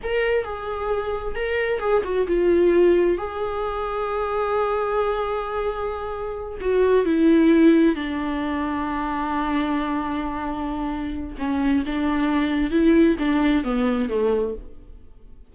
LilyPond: \new Staff \with { instrumentName = "viola" } { \time 4/4 \tempo 4 = 132 ais'4 gis'2 ais'4 | gis'8 fis'8 f'2 gis'4~ | gis'1~ | gis'2~ gis'8 fis'4 e'8~ |
e'4. d'2~ d'8~ | d'1~ | d'4 cis'4 d'2 | e'4 d'4 b4 a4 | }